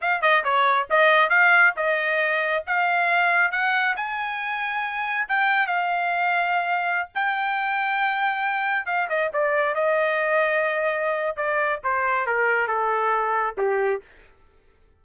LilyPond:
\new Staff \with { instrumentName = "trumpet" } { \time 4/4 \tempo 4 = 137 f''8 dis''8 cis''4 dis''4 f''4 | dis''2 f''2 | fis''4 gis''2. | g''4 f''2.~ |
f''16 g''2.~ g''8.~ | g''16 f''8 dis''8 d''4 dis''4.~ dis''16~ | dis''2 d''4 c''4 | ais'4 a'2 g'4 | }